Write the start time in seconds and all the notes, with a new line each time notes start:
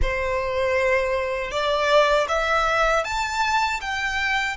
0.01 C5
1.51 D5
2.28 E5
3.04 A5
3.80 G5